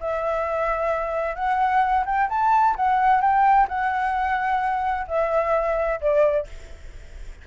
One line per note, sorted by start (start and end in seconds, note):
0.00 1.35 E5
1.35 2.04 F#5
2.06 2.29 G5
2.29 2.75 A5
2.76 3.21 F#5
3.21 3.67 G5
3.68 5.07 F#5
5.08 6.00 E5
6.01 6.47 D5